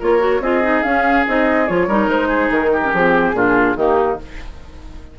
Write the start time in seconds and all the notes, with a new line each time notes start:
0.00 A#3 F4 A#4 C#5
0.20 F#4
0.40 C4 F4 G#4 D#5
0.63 D#4
0.83 C#4 F5
1.27 C4 D#4 D#5
1.68 F3 F4 C#5
1.88 G3 D#4 A#4
2.08 G#3 C5
2.28 G#4
2.50 D#3 A#4
2.73 G4
2.84 C#4
2.94 F3 C4 G#4
3.33 A#2 D4 F4
3.76 D#3 A#3 D#4 G4